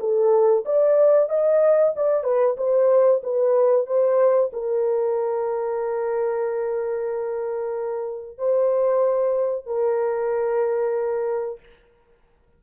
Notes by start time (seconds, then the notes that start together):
0.00 A4
0.65 D5
1.29 D#5
1.96 D5
2.24 B4
2.57 C5
3.23 B4
3.87 C5
4.53 A#4
8.38 C5
9.66 A#4